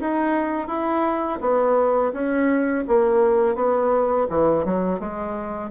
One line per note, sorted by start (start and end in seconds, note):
0.00 0.68 D#4
0.68 1.39 E4
1.41 2.12 B3
2.13 2.84 C#4
2.88 3.55 A#3
3.55 4.27 B3
4.30 4.65 E3
4.65 4.99 F#3
4.99 5.71 G#3